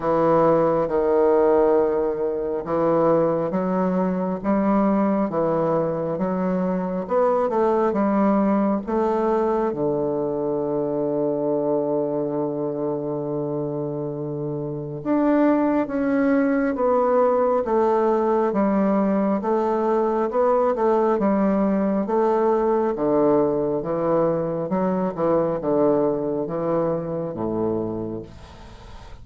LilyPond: \new Staff \with { instrumentName = "bassoon" } { \time 4/4 \tempo 4 = 68 e4 dis2 e4 | fis4 g4 e4 fis4 | b8 a8 g4 a4 d4~ | d1~ |
d4 d'4 cis'4 b4 | a4 g4 a4 b8 a8 | g4 a4 d4 e4 | fis8 e8 d4 e4 a,4 | }